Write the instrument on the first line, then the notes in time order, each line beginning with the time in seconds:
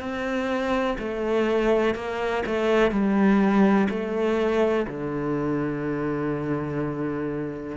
cello
0.00 C4
0.99 A3
1.95 A#3
2.46 A3
2.91 G3
3.90 A3
4.87 D3